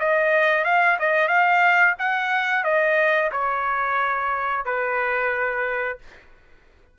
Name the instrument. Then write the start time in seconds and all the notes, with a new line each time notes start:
trumpet
0.00 D#5
0.65 F5
1.00 D#5
1.28 F5
1.99 F#5
2.65 D#5
3.32 C#5
4.65 B4